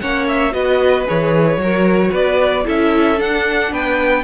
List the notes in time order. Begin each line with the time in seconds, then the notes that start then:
0.00 A#3 C#4 C#5 F#5
0.28 E5
0.52 B3 F#4 B4 D#5
1.05 E3 G#4 C#5
1.57 F#3 F#4
1.63 A#4
2.11 B3 B4 D5
2.64 C#4 E4 A4 E5
3.16 D4 F#5
3.71 B3 B4 G5